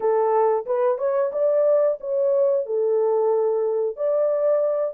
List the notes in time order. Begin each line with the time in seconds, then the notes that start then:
0.00 A4
0.66 B4
0.98 C#5
1.32 D5
2.00 C#5
2.66 A4
3.96 D5